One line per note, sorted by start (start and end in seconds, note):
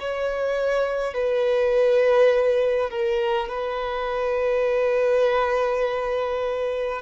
0.00 1.14 C#5
1.14 2.90 B4
2.90 3.49 A#4
3.49 7.02 B4